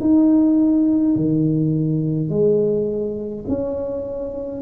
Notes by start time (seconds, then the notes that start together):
0.00 D#4
1.15 D#3
2.29 G#3
3.48 C#4